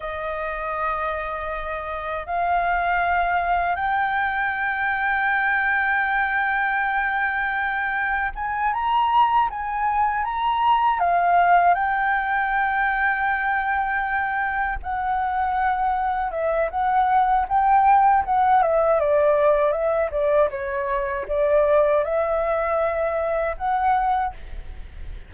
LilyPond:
\new Staff \with { instrumentName = "flute" } { \time 4/4 \tempo 4 = 79 dis''2. f''4~ | f''4 g''2.~ | g''2. gis''8 ais''8~ | ais''8 gis''4 ais''4 f''4 g''8~ |
g''2.~ g''8 fis''8~ | fis''4. e''8 fis''4 g''4 | fis''8 e''8 d''4 e''8 d''8 cis''4 | d''4 e''2 fis''4 | }